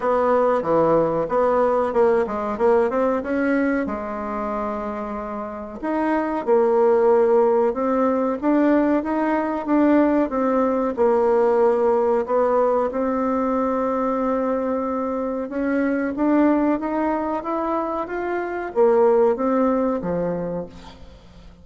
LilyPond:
\new Staff \with { instrumentName = "bassoon" } { \time 4/4 \tempo 4 = 93 b4 e4 b4 ais8 gis8 | ais8 c'8 cis'4 gis2~ | gis4 dis'4 ais2 | c'4 d'4 dis'4 d'4 |
c'4 ais2 b4 | c'1 | cis'4 d'4 dis'4 e'4 | f'4 ais4 c'4 f4 | }